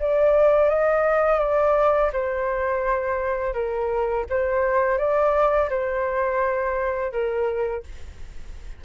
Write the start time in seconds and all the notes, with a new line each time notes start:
0.00 D5
0.70 D#5
1.40 D5
2.13 C5
3.54 A#4
4.30 C5
4.98 D5
5.70 C5
7.12 A#4